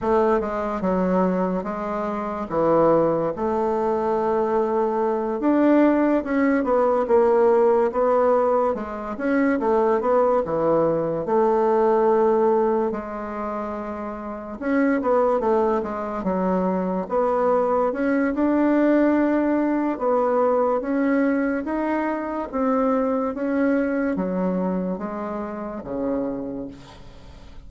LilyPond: \new Staff \with { instrumentName = "bassoon" } { \time 4/4 \tempo 4 = 72 a8 gis8 fis4 gis4 e4 | a2~ a8 d'4 cis'8 | b8 ais4 b4 gis8 cis'8 a8 | b8 e4 a2 gis8~ |
gis4. cis'8 b8 a8 gis8 fis8~ | fis8 b4 cis'8 d'2 | b4 cis'4 dis'4 c'4 | cis'4 fis4 gis4 cis4 | }